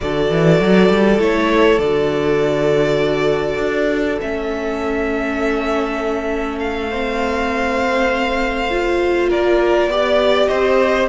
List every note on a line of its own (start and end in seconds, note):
0.00 0.30 D3
0.00 1.19 F#4
0.00 6.90 A4
0.00 1.20 D5
0.30 0.59 E3
0.59 0.89 F#3
0.89 1.19 G3
1.19 1.78 A3
1.19 1.79 E4
1.19 1.78 C#5
1.78 3.58 D3
1.78 4.21 F#4
1.78 4.18 D5
3.58 4.18 D4
4.21 9.31 A3
4.21 6.91 C#4
4.21 6.58 E5
6.58 9.28 F5
6.90 8.70 C4
6.90 9.29 C5
8.70 9.90 F4
9.29 9.87 A#3
9.29 9.89 A#4
9.29 10.46 D5
9.87 10.47 B3
9.87 11.09 G4
9.87 10.48 D5
10.46 11.09 C4
10.46 11.08 C5
10.46 11.06 D#5